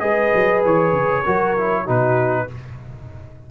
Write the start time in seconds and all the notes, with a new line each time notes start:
0.00 G#3 G#4 B4 D#5
0.35 F#3
0.65 E3 C#5
0.93 C#3
1.24 F#3 F#4 A#4
1.58 E4
1.83 B2 D#4 F#4 B4